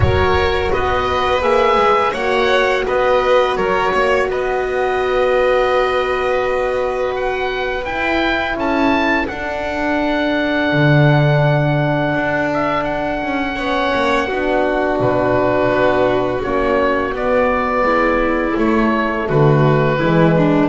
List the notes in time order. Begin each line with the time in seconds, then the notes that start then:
0.00 F#3 F#4 A#4 C#5
0.71 B3 B4 D#5
1.41 A#3 G#4 E5
1.76 G#3
2.12 A#3 F#4 C#5 F#5
2.86 B3 B4 D#5
3.56 F#3 A#4 C#5
3.93 A#3 C#5
4.28 B3 B4 D#5
7.15 F#5
7.84 E4 G5
8.55 C#4 A4 A5
9.27 D4 F#5
10.72 D3
12.14 D4
12.53 E5
12.84 F#5
13.22 C#4
13.55 B3 C#4 C#5
13.94 A#3
14.27 B3 D4 F#4
14.99 B2 B4
15.69 B3
16.42 A#3 C#4 C#5
17.11 B3 D5
17.82 G#3 E4
18.57 A3 C#5
19.27 D3 F#4 B4
19.99 E3 G#3 E4
20.36 D4